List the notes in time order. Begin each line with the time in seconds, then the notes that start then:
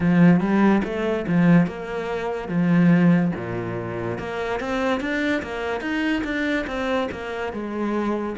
0.00 F3
0.40 G3
0.83 A3
1.27 F3
1.67 A#3
2.48 F3
3.35 A#2
4.18 A#3
4.59 C4
5.00 D4
5.42 A#3
5.80 D#4
6.23 D4
6.67 C4
7.11 A#3
7.52 G#3